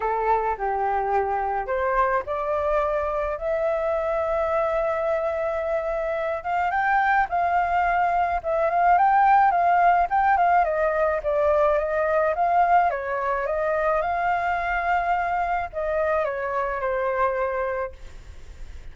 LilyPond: \new Staff \with { instrumentName = "flute" } { \time 4/4 \tempo 4 = 107 a'4 g'2 c''4 | d''2 e''2~ | e''2.~ e''8 f''8 | g''4 f''2 e''8 f''8 |
g''4 f''4 g''8 f''8 dis''4 | d''4 dis''4 f''4 cis''4 | dis''4 f''2. | dis''4 cis''4 c''2 | }